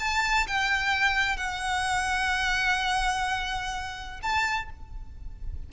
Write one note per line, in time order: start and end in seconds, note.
0.00 0.47 A5
0.47 1.37 G5
1.37 4.21 F#5
4.23 4.70 A5